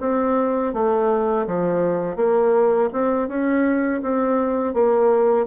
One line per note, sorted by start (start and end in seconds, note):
0.00 0.73 C4
0.73 1.46 A3
1.47 2.16 F3
2.16 2.89 A#3
2.93 3.28 C4
3.28 4.01 C#4
4.02 4.74 C4
4.74 5.46 A#3